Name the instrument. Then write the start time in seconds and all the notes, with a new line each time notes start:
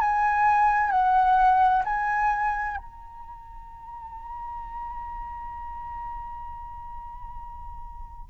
flute
0.00 G#5
0.90 F#5
1.84 G#5
2.77 A#5